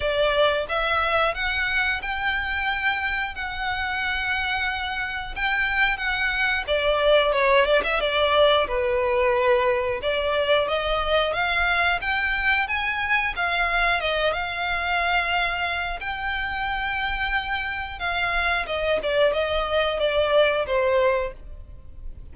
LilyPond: \new Staff \with { instrumentName = "violin" } { \time 4/4 \tempo 4 = 90 d''4 e''4 fis''4 g''4~ | g''4 fis''2. | g''4 fis''4 d''4 cis''8 d''16 e''16 | d''4 b'2 d''4 |
dis''4 f''4 g''4 gis''4 | f''4 dis''8 f''2~ f''8 | g''2. f''4 | dis''8 d''8 dis''4 d''4 c''4 | }